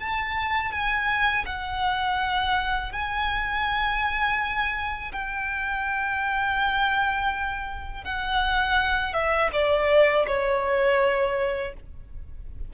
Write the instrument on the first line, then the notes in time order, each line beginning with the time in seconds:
violin
0.00 A5
0.72 G#5
1.46 F#5
2.93 G#5
5.13 G5
8.05 F#5
9.14 E5
9.53 D5
10.27 C#5